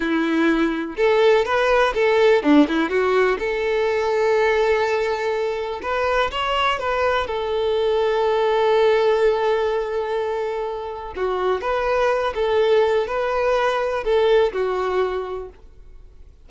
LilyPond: \new Staff \with { instrumentName = "violin" } { \time 4/4 \tempo 4 = 124 e'2 a'4 b'4 | a'4 d'8 e'8 fis'4 a'4~ | a'1 | b'4 cis''4 b'4 a'4~ |
a'1~ | a'2. fis'4 | b'4. a'4. b'4~ | b'4 a'4 fis'2 | }